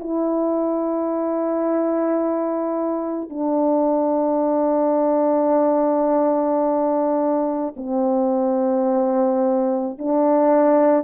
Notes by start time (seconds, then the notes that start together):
0.00 E4
3.30 D4
7.76 C4
9.98 D4